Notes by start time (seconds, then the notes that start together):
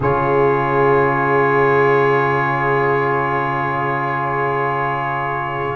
0.00 C#3 F4 G#4 C#5